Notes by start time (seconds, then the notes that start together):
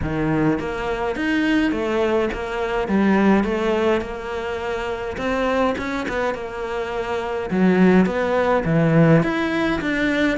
0.02 D#3
0.59 A#3
1.15 D#4
1.71 A3
2.33 A#3
2.88 G3
3.44 A3
4.01 A#3
5.17 C4
5.77 C#4
6.08 B3
6.34 A#3
7.50 F#3
8.06 B3
8.65 E3
9.23 E4
9.81 D4